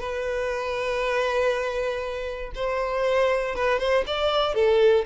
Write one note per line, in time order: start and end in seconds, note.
0.00 2.52 B4
2.55 3.56 C5
3.56 3.79 B4
3.79 4.05 C5
4.07 4.55 D5
4.55 5.06 A4